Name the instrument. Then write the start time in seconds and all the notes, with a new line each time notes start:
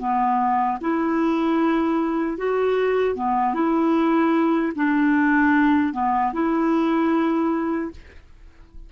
clarinet
0.00 B3
0.81 E4
2.38 F#4
3.16 B3
3.55 E4
4.76 D4
5.94 B3
6.33 E4